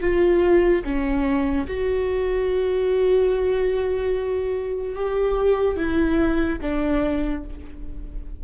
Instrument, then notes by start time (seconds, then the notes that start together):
viola
0.00 F4
0.84 C#4
1.67 F#4
4.95 G4
5.76 E4
6.61 D4